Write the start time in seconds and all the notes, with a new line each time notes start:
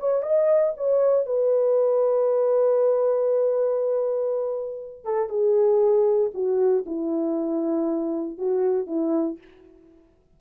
0.00 C#5
0.22 D#5
0.77 C#5
1.26 B4
5.05 A4
5.29 G#4
6.34 F#4
6.86 E4
8.38 F#4
8.87 E4